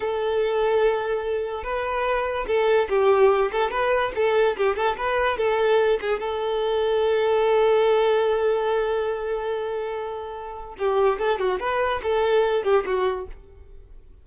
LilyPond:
\new Staff \with { instrumentName = "violin" } { \time 4/4 \tempo 4 = 145 a'1 | b'2 a'4 g'4~ | g'8 a'8 b'4 a'4 g'8 a'8 | b'4 a'4. gis'8 a'4~ |
a'1~ | a'1~ | a'2 g'4 a'8 fis'8 | b'4 a'4. g'8 fis'4 | }